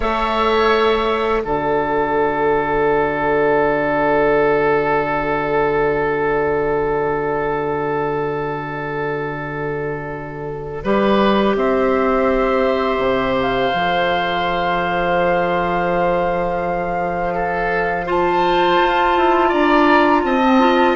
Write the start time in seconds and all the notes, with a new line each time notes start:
0.00 A3 A4 C#5 E5
1.42 D3 F#4 A4 D5
10.83 G3 G4 B4
11.55 C4 C5 E5
12.97 C3
13.41 F5
13.73 F3 A4
17.34 A4
18.05 F4 C5 A5
18.81 F4
19.16 E4
19.48 D4 D5 A#5
20.23 C4 D#5 A5
20.42 C4
20.60 F4